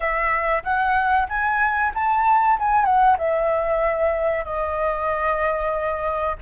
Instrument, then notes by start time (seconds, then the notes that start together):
flute
0.00 E5
0.63 F#5
1.28 G#5
1.94 A5
2.59 G#5
2.84 F#5
3.17 E5
4.44 D#5